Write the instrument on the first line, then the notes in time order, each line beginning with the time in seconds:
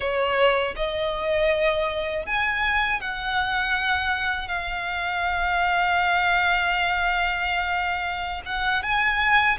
violin
0.00 C#5
0.76 D#5
2.26 G#5
3.00 F#5
4.48 F5
8.45 F#5
8.82 G#5